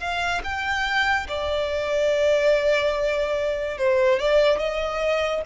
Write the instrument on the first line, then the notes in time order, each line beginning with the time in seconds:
violin
0.00 F5
0.44 G5
1.28 D5
3.78 C5
4.20 D5
4.59 D#5